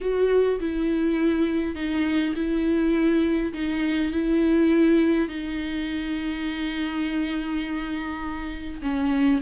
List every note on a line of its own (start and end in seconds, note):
0.00 0.59 F#4
0.60 1.75 E4
1.75 2.34 D#4
2.35 3.53 E4
3.53 4.12 D#4
4.12 5.28 E4
5.28 8.81 D#4
8.82 9.41 C#4